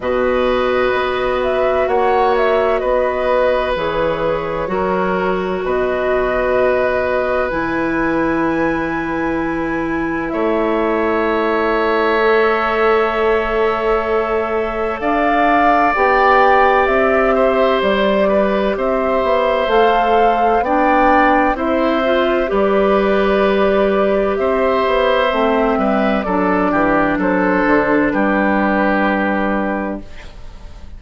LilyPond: <<
  \new Staff \with { instrumentName = "flute" } { \time 4/4 \tempo 4 = 64 dis''4. e''8 fis''8 e''8 dis''4 | cis''2 dis''2 | gis''2. e''4~ | e''1 |
f''4 g''4 e''4 d''4 | e''4 f''4 g''4 e''4 | d''2 e''2 | d''4 c''4 b'2 | }
  \new Staff \with { instrumentName = "oboe" } { \time 4/4 b'2 cis''4 b'4~ | b'4 ais'4 b'2~ | b'2. cis''4~ | cis''1 |
d''2~ d''8 c''4 b'8 | c''2 d''4 c''4 | b'2 c''4. b'8 | a'8 g'8 a'4 g'2 | }
  \new Staff \with { instrumentName = "clarinet" } { \time 4/4 fis'1 | gis'4 fis'2. | e'1~ | e'4 a'2.~ |
a'4 g'2.~ | g'4 a'4 d'4 e'8 f'8 | g'2. c'4 | d'1 | }
  \new Staff \with { instrumentName = "bassoon" } { \time 4/4 b,4 b4 ais4 b4 | e4 fis4 b,2 | e2. a4~ | a1 |
d'4 b4 c'4 g4 | c'8 b8 a4 b4 c'4 | g2 c'8 b8 a8 g8 | fis8 e8 fis8 d8 g2 | }
>>